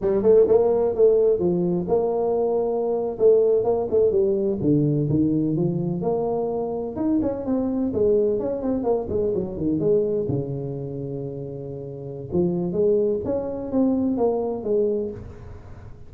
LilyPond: \new Staff \with { instrumentName = "tuba" } { \time 4/4 \tempo 4 = 127 g8 a8 ais4 a4 f4 | ais2~ ais8. a4 ais16~ | ais16 a8 g4 d4 dis4 f16~ | f8. ais2 dis'8 cis'8 c'16~ |
c'8. gis4 cis'8 c'8 ais8 gis8 fis16~ | fis16 dis8 gis4 cis2~ cis16~ | cis2 f4 gis4 | cis'4 c'4 ais4 gis4 | }